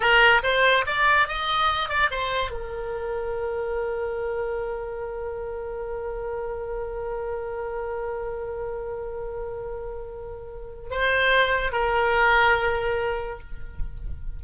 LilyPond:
\new Staff \with { instrumentName = "oboe" } { \time 4/4 \tempo 4 = 143 ais'4 c''4 d''4 dis''4~ | dis''8 d''8 c''4 ais'2~ | ais'1~ | ais'1~ |
ais'1~ | ais'1~ | ais'2 c''2 | ais'1 | }